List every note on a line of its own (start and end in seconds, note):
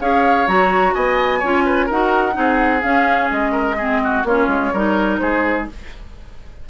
0.00 0.47 C#4
0.00 0.47 G#4
0.00 0.95 C#5
0.00 0.48 F5
0.47 0.95 F#3
0.47 1.42 F#4
0.47 0.95 A#5
0.95 1.43 B3
0.95 1.39 D#5
0.95 1.89 G#5
1.39 1.90 C#4
1.39 1.91 F4
1.39 1.63 C#5
1.66 1.86 B4
1.86 2.37 D#4
1.86 2.33 F#4
1.86 2.33 A#4
1.86 2.82 F#5
2.33 2.84 C4
2.33 2.80 D#4
2.39 3.52 G#4
2.82 3.78 C#4
2.82 3.31 C#4
2.82 3.29 F5
3.31 4.24 G#3
3.31 4.25 D#5
3.52 3.76 A#4
3.78 4.26 C4
3.78 4.01 G#4
4.04 4.27 F#4
4.24 4.48 A#3
4.24 4.75 C#4
4.24 4.73 F4
4.24 5.18 C#5
4.48 4.71 G#3
4.73 5.21 G3
4.73 5.70 D#4
4.73 5.20 A#4
5.18 5.69 G#3
5.18 5.69 G#4
5.18 5.65 C5